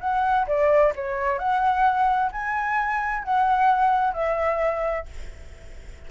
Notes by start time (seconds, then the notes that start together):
0.00 F#5
0.47 D5
0.95 C#5
1.38 F#5
2.31 G#5
3.24 F#5
4.13 E5